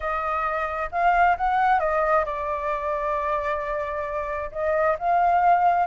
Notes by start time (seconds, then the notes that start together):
0.00 D#5
0.91 F5
1.37 F#5
1.79 D#5
2.25 D5
4.51 D#5
4.98 F5